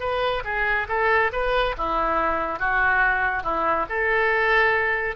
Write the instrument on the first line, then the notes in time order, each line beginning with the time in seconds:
oboe
0.00 B4
0.44 G#4
0.88 A4
1.32 B4
1.78 E4
2.59 F#4
3.43 E4
3.89 A4